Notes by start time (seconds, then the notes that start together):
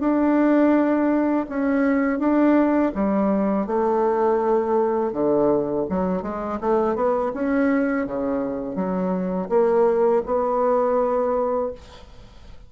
0.00 D4
1.49 C#4
2.19 D4
2.95 G3
3.66 A3
5.12 D3
5.89 F#3
6.22 G#3
6.61 A3
6.95 B3
7.34 C#4
8.06 C#3
8.75 F#3
9.49 A#3
10.26 B3